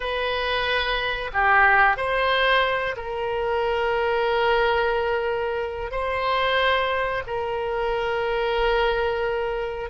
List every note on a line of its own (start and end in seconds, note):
0.00 1.30 B4
1.33 1.96 G4
1.96 2.95 C5
2.96 5.91 A#4
5.91 7.23 C5
7.26 9.90 A#4